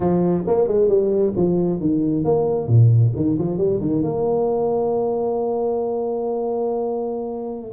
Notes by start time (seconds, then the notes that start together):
0.00 F3
0.46 A#3
0.67 G#3
0.88 G3
1.36 F3
1.80 D#3
2.24 A#3
2.67 A#2
3.15 D#3
3.38 F3
3.57 G3
3.80 D#3
4.02 A#3